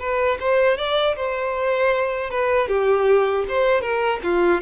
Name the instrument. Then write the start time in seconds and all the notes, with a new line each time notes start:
violin
0.00 B4
0.41 C5
0.78 D5
1.17 C5
2.31 B4
2.69 G4
3.49 C5
3.81 A#4
4.23 F4